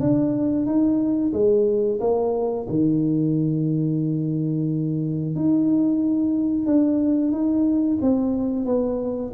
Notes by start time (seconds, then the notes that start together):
0.00 D4
0.66 D#4
1.33 G#3
2.00 A#3
2.68 D#3
5.35 D#4
6.66 D4
7.31 D#4
8.01 C4
8.65 B3